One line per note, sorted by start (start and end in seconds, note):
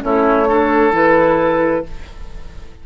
0.00 0.92 A3
0.00 0.45 C#4
0.00 0.48 E4
0.00 0.94 C#5
0.48 0.92 D4
0.48 1.84 A4
0.92 1.83 E3
0.92 1.83 E4
0.92 1.86 B4